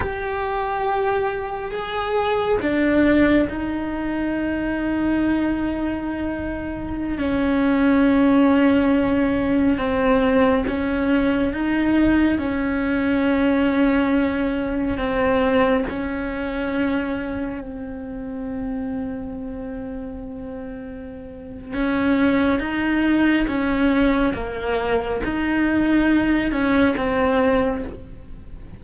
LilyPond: \new Staff \with { instrumentName = "cello" } { \time 4/4 \tempo 4 = 69 g'2 gis'4 d'4 | dis'1~ | dis'16 cis'2. c'8.~ | c'16 cis'4 dis'4 cis'4.~ cis'16~ |
cis'4~ cis'16 c'4 cis'4.~ cis'16~ | cis'16 c'2.~ c'8.~ | c'4 cis'4 dis'4 cis'4 | ais4 dis'4. cis'8 c'4 | }